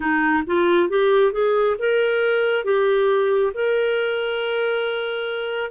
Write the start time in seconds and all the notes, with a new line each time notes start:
0.00 D#4
0.46 F4
0.89 G4
1.32 G#4
1.78 A#4
2.64 G4
3.54 A#4